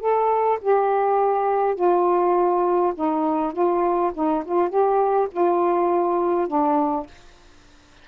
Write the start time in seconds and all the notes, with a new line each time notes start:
0.00 A4
0.61 G4
1.76 F4
2.95 D#4
3.53 F4
4.14 D#4
4.45 F4
4.70 G4
5.32 F4
6.48 D4